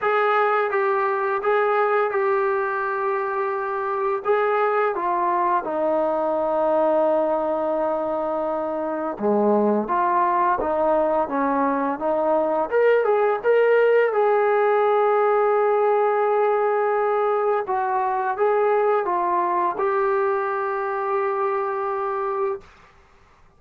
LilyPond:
\new Staff \with { instrumentName = "trombone" } { \time 4/4 \tempo 4 = 85 gis'4 g'4 gis'4 g'4~ | g'2 gis'4 f'4 | dis'1~ | dis'4 gis4 f'4 dis'4 |
cis'4 dis'4 ais'8 gis'8 ais'4 | gis'1~ | gis'4 fis'4 gis'4 f'4 | g'1 | }